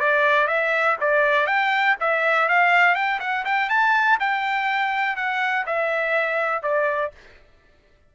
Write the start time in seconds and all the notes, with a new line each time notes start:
0.00 D5
0.47 E5
1.00 D5
1.46 G5
2.00 E5
2.48 F5
2.95 G5
3.20 F#5
3.45 G5
3.69 A5
4.20 G5
5.16 F#5
5.66 E5
6.63 D5